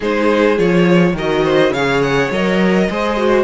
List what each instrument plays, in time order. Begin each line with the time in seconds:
0.00 cello G#3, viola D#4, violin G#4 C5
0.56 cello F3, viola F4, violin C#5
1.13 cello D#3, viola F#4, violin A#4 D#5
1.44 violin C5
1.70 cello C#3, viola G#4, violin C#5 F5
2.01 violin F#5
2.31 cello F#3, viola A#4, violin D#5
2.89 cello G#3, viola G#4, violin C5
3.17 viola F#4